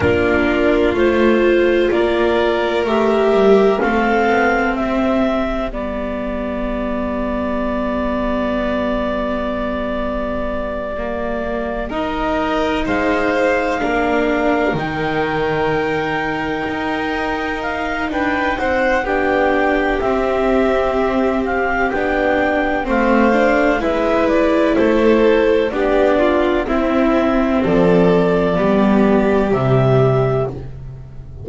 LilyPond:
<<
  \new Staff \with { instrumentName = "clarinet" } { \time 4/4 \tempo 4 = 63 ais'4 c''4 d''4 e''4 | f''4 e''4 d''2~ | d''1~ | d''8 dis''4 f''2 g''8~ |
g''2~ g''8 f''8 g''8 fis''8 | g''4 e''4. f''8 g''4 | f''4 e''8 d''8 c''4 d''4 | e''4 d''2 e''4 | }
  \new Staff \with { instrumentName = "violin" } { \time 4/4 f'2 ais'2 | a'4 g'2.~ | g'1~ | g'8 ais'4 c''4 ais'4.~ |
ais'2. b'8 c''8 | g'1 | c''4 b'4 a'4 g'8 f'8 | e'4 a'4 g'2 | }
  \new Staff \with { instrumentName = "viola" } { \time 4/4 d'4 f'2 g'4 | c'2 b2~ | b2.~ b8 ais8~ | ais8 dis'2 d'4 dis'8~ |
dis'1 | d'4 c'2 d'4 | c'8 d'8 e'2 d'4 | c'2 b4 g4 | }
  \new Staff \with { instrumentName = "double bass" } { \time 4/4 ais4 a4 ais4 a8 g8 | a8 b8 c'4 g2~ | g1~ | g4. gis4 ais4 dis8~ |
dis4. dis'4. d'8 c'8 | b4 c'2 b4 | a4 gis4 a4 b4 | c'4 f4 g4 c4 | }
>>